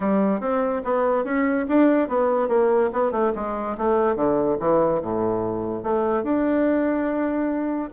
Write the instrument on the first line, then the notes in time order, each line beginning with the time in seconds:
bassoon
0.00 G3
0.40 C4
0.84 B3
1.24 C#4
1.68 D4
2.08 B3
2.48 A#3
2.92 B3
3.11 A3
3.35 G#3
3.77 A3
4.15 D3
4.59 E3
5.02 A2
5.83 A3
6.23 D4